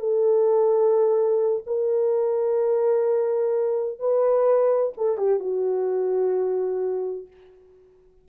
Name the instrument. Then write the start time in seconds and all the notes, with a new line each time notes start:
horn
0.00 A4
1.67 A#4
4.00 B4
4.97 A4
5.18 G4
5.40 F#4